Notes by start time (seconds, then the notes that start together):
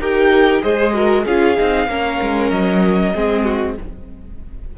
0.00 D#4 G4 A#4 G5
0.61 G#3 G#4 C5 D#5
0.93 F#4 A#4
1.25 C#4 F4 G#4 F5
1.56 C4 D#4
1.87 A#3 C#4 A#4
2.21 G#3
2.51 F#3 D#5
3.14 G#3 C4 G#4
3.44 F#4